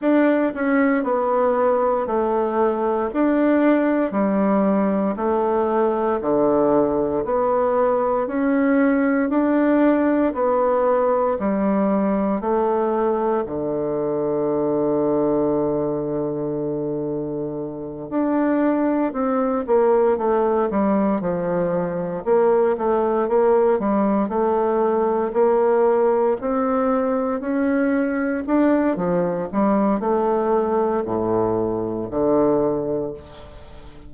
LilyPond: \new Staff \with { instrumentName = "bassoon" } { \time 4/4 \tempo 4 = 58 d'8 cis'8 b4 a4 d'4 | g4 a4 d4 b4 | cis'4 d'4 b4 g4 | a4 d2.~ |
d4. d'4 c'8 ais8 a8 | g8 f4 ais8 a8 ais8 g8 a8~ | a8 ais4 c'4 cis'4 d'8 | f8 g8 a4 a,4 d4 | }